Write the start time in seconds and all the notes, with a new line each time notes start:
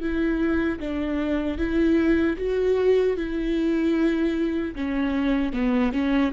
0.00 E4
0.79 D4
1.58 E4
2.38 F#4
3.17 E4
4.75 C#4
5.52 B3
5.92 C#4